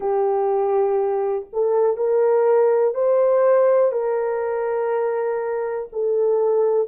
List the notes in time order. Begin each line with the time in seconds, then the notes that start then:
0.00 G4
1.52 A4
1.97 A#4
2.94 C5
3.92 A#4
5.92 A4